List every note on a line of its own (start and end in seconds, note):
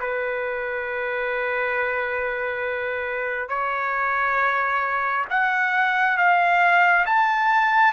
0.00 3.49 B4
3.49 5.25 C#5
5.30 6.18 F#5
6.18 7.06 F5
7.06 7.93 A5